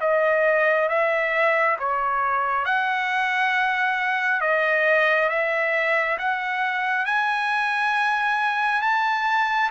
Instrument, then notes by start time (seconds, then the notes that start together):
trumpet
0.00 D#5
0.89 E5
1.79 C#5
2.65 F#5
4.41 D#5
5.29 E5
6.18 F#5
7.05 G#5
8.81 A5